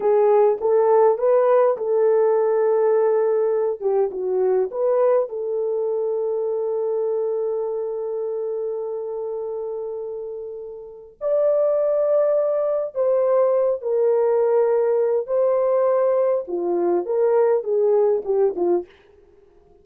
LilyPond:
\new Staff \with { instrumentName = "horn" } { \time 4/4 \tempo 4 = 102 gis'4 a'4 b'4 a'4~ | a'2~ a'8 g'8 fis'4 | b'4 a'2.~ | a'1~ |
a'2. d''4~ | d''2 c''4. ais'8~ | ais'2 c''2 | f'4 ais'4 gis'4 g'8 f'8 | }